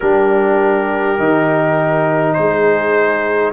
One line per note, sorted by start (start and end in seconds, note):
0.00 1.18 G3
0.00 1.18 D4
0.00 2.36 G4
0.00 2.33 A#4
1.18 2.36 D#3
1.18 3.52 D#4
2.33 3.52 G#3
2.33 3.52 G#4
2.33 3.51 C5